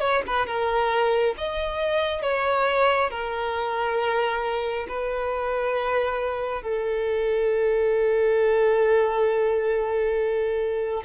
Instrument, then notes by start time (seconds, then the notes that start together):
violin
0.00 C#5
0.27 B4
0.47 A#4
1.38 D#5
2.22 C#5
3.10 A#4
4.89 B4
6.63 A4